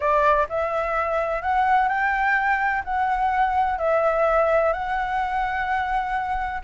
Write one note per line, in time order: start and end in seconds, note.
0.00 0.46 D5
0.49 1.42 E5
1.42 1.88 F#5
1.88 2.82 G5
2.84 3.78 F#5
3.78 4.72 E5
4.72 6.61 F#5